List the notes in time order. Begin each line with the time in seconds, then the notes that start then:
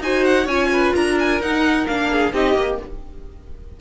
0.00 D#4 F#4 C5 G#5
0.24 F#5
0.45 C#4 F4 C#5 G#5
0.73 B4
0.95 D4 A#4 A#5
1.19 G#5
1.40 D#4 F#5
1.87 A#3 D4 F5
2.12 G#4
2.33 C4 D#4 G4 D#5
2.55 A#3 G4